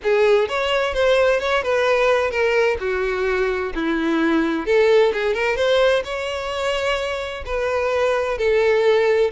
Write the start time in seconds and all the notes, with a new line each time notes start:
0.03 G#4
0.48 C#5
0.93 C5
1.40 C#5
1.63 B4
2.30 A#4
2.79 F#4
3.74 E4
4.65 A4
5.13 G#4
5.34 A#4
5.56 C5
6.04 C#5
7.45 B4
8.37 A4